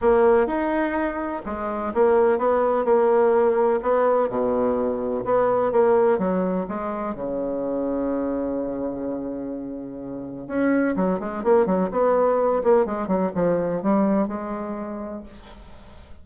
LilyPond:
\new Staff \with { instrumentName = "bassoon" } { \time 4/4 \tempo 4 = 126 ais4 dis'2 gis4 | ais4 b4 ais2 | b4 b,2 b4 | ais4 fis4 gis4 cis4~ |
cis1~ | cis2 cis'4 fis8 gis8 | ais8 fis8 b4. ais8 gis8 fis8 | f4 g4 gis2 | }